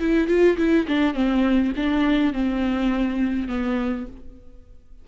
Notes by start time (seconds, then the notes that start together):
0.00 E4
0.28 F4
0.58 E4
0.88 D4
1.14 C4
1.77 D4
2.34 C4
3.49 B3